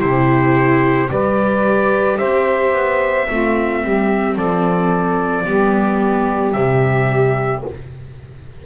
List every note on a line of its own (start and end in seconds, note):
0.00 1.10 C3
0.00 1.08 E4
0.00 1.09 G4
0.00 1.10 C5
1.08 2.20 G3
1.08 3.27 G4
1.08 2.19 B4
1.08 2.18 D5
2.18 2.74 C4
2.18 3.28 C5
2.18 4.37 E5
2.74 3.28 B3
3.29 3.84 A3
3.29 5.46 C4
3.29 3.83 F4
3.83 4.36 G3
3.83 4.35 G4
4.35 5.45 F3
4.35 5.44 A4
4.35 6.53 D5
5.46 6.55 G3
5.46 6.55 B3
5.46 7.66 G4
6.53 7.64 C3
6.53 7.65 G3
6.53 7.62 E5